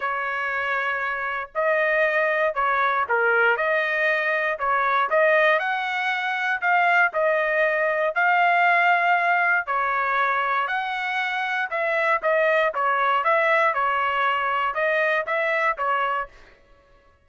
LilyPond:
\new Staff \with { instrumentName = "trumpet" } { \time 4/4 \tempo 4 = 118 cis''2. dis''4~ | dis''4 cis''4 ais'4 dis''4~ | dis''4 cis''4 dis''4 fis''4~ | fis''4 f''4 dis''2 |
f''2. cis''4~ | cis''4 fis''2 e''4 | dis''4 cis''4 e''4 cis''4~ | cis''4 dis''4 e''4 cis''4 | }